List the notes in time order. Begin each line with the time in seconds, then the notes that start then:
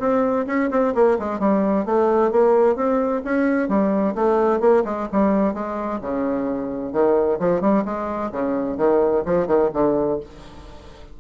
0.00 C4
0.47 C#4
0.71 C4
0.95 A#3
1.19 G#3
1.40 G3
1.86 A3
2.32 A#3
2.76 C4
3.25 C#4
3.69 G3
4.15 A3
4.60 A#3
4.85 G#3
5.13 G3
5.54 G#3
6.02 C#3
6.93 D#3
7.40 F3
7.61 G3
7.85 G#3
8.32 C#3
8.78 D#3
9.26 F3
9.47 D#3
9.74 D3